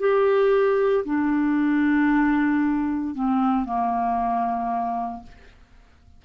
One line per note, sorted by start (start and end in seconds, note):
0.00 1.05 G4
1.05 3.15 D4
3.15 3.66 C4
3.66 5.23 A#3